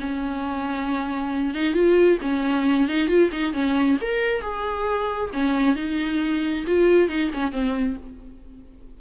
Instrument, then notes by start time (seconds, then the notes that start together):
viola
0.00 C#4
1.55 D#4
1.74 F4
2.22 C#4
2.89 D#4
3.08 F4
3.32 D#4
3.53 C#4
4.01 A#4
4.42 G#4
5.33 C#4
5.76 D#4
6.67 F4
7.09 D#4
7.34 C#4
7.52 C4